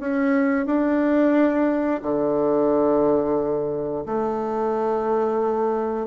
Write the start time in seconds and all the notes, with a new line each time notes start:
0.00 C#4
0.66 D4
2.03 D3
4.06 A3